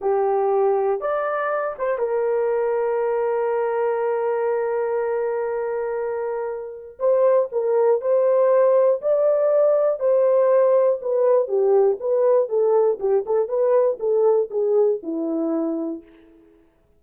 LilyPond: \new Staff \with { instrumentName = "horn" } { \time 4/4 \tempo 4 = 120 g'2 d''4. c''8 | ais'1~ | ais'1~ | ais'2 c''4 ais'4 |
c''2 d''2 | c''2 b'4 g'4 | b'4 a'4 g'8 a'8 b'4 | a'4 gis'4 e'2 | }